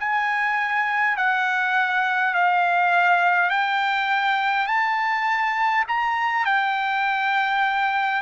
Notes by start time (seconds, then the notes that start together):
0.00 G#5
1.17 F#5
2.34 F5
3.50 G5
4.67 A5
5.88 A#5
6.45 G5